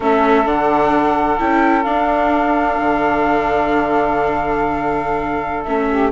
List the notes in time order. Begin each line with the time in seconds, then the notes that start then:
0.00 A3 C#4 A4 E5
0.45 D3 D4 F#5
1.38 C#4 E4 G5
1.83 D4 F5
2.78 D3
5.64 A3 C#4 E5
5.89 G4